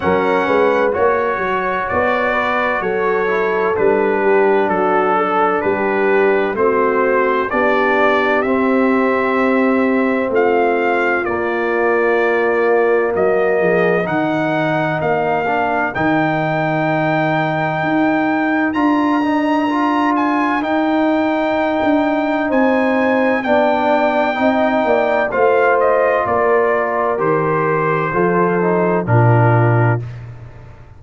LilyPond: <<
  \new Staff \with { instrumentName = "trumpet" } { \time 4/4 \tempo 4 = 64 fis''4 cis''4 d''4 cis''4 | b'4 a'4 b'4 c''4 | d''4 e''2 f''4 | d''2 dis''4 fis''4 |
f''4 g''2. | ais''4. gis''8 g''2 | gis''4 g''2 f''8 dis''8 | d''4 c''2 ais'4 | }
  \new Staff \with { instrumentName = "horn" } { \time 4/4 ais'8 b'8 cis''4. b'8 a'4~ | a'8 g'8 fis'8 a'8 g'4 fis'4 | g'2. f'4~ | f'2 fis'8 gis'8 ais'4~ |
ais'1~ | ais'1 | c''4 d''4 dis''8 d''8 c''4 | ais'2 a'4 f'4 | }
  \new Staff \with { instrumentName = "trombone" } { \time 4/4 cis'4 fis'2~ fis'8 e'8 | d'2. c'4 | d'4 c'2. | ais2. dis'4~ |
dis'8 d'8 dis'2. | f'8 dis'8 f'4 dis'2~ | dis'4 d'4 dis'4 f'4~ | f'4 g'4 f'8 dis'8 d'4 | }
  \new Staff \with { instrumentName = "tuba" } { \time 4/4 fis8 gis8 ais8 fis8 b4 fis4 | g4 fis4 g4 a4 | b4 c'2 a4 | ais2 fis8 f8 dis4 |
ais4 dis2 dis'4 | d'2 dis'4~ dis'16 d'8. | c'4 b4 c'8 ais8 a4 | ais4 dis4 f4 ais,4 | }
>>